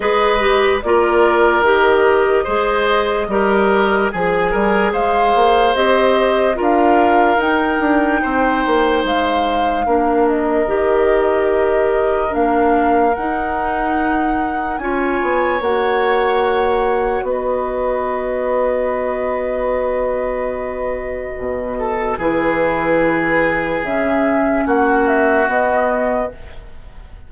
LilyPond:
<<
  \new Staff \with { instrumentName = "flute" } { \time 4/4 \tempo 4 = 73 dis''4 d''4 dis''2~ | dis''4 gis''4 f''4 dis''4 | f''4 g''2 f''4~ | f''8 dis''2~ dis''8 f''4 |
fis''2 gis''4 fis''4~ | fis''4 dis''2.~ | dis''2. b'4~ | b'4 e''4 fis''8 e''8 dis''4 | }
  \new Staff \with { instrumentName = "oboe" } { \time 4/4 b'4 ais'2 c''4 | ais'4 gis'8 ais'8 c''2 | ais'2 c''2 | ais'1~ |
ais'2 cis''2~ | cis''4 b'2.~ | b'2~ b'8 a'8 gis'4~ | gis'2 fis'2 | }
  \new Staff \with { instrumentName = "clarinet" } { \time 4/4 gis'8 g'8 f'4 g'4 gis'4 | g'4 gis'2 g'4 | f'4 dis'2. | d'4 g'2 d'4 |
dis'2 f'4 fis'4~ | fis'1~ | fis'2. e'4~ | e'4 cis'2 b4 | }
  \new Staff \with { instrumentName = "bassoon" } { \time 4/4 gis4 ais4 dis4 gis4 | g4 f8 g8 gis8 ais8 c'4 | d'4 dis'8 d'8 c'8 ais8 gis4 | ais4 dis2 ais4 |
dis'2 cis'8 b8 ais4~ | ais4 b2.~ | b2 b,4 e4~ | e4 cis4 ais4 b4 | }
>>